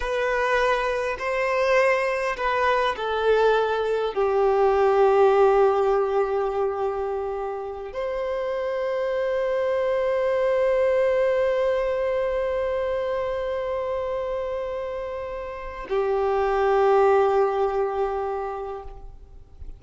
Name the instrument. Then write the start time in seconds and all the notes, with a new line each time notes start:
violin
0.00 B4
1.18 C5
2.36 B4
2.96 A4
4.14 G4
7.93 C5
15.89 G4